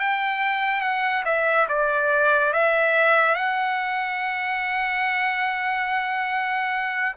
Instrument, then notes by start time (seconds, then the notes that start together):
trumpet
0.00 G5
0.81 F#5
1.25 E5
1.69 D5
2.54 E5
3.35 F#5